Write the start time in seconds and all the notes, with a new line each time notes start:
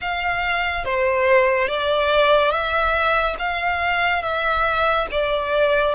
0.01 F5
0.85 C5
1.68 D5
2.51 E5
3.38 F5
4.22 E5
5.11 D5